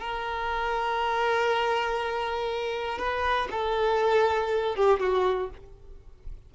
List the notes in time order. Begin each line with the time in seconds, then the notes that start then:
0.00 A#4
2.99 B4
3.51 A4
4.76 G4
5.00 F#4